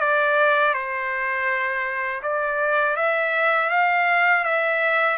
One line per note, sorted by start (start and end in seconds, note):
0.00 0.73 D5
0.73 2.22 C5
2.23 2.96 D5
2.96 3.70 E5
3.70 4.44 F5
4.44 5.18 E5